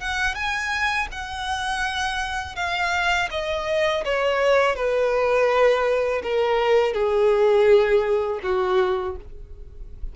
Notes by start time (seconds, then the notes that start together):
0.00 F#5
0.35 G#5
1.12 F#5
2.56 F5
3.31 D#5
4.05 C#5
4.76 B4
6.23 A#4
6.94 G#4
8.43 F#4